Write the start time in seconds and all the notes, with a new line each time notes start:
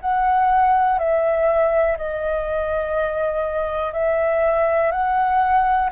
0.00 F#5
0.98 E5
1.97 D#5
3.93 E5
4.91 F#5